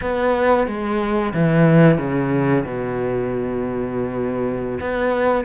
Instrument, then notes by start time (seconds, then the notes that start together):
cello
0.01 B3
0.67 G#3
1.33 E3
1.98 C#3
2.64 B2
4.80 B3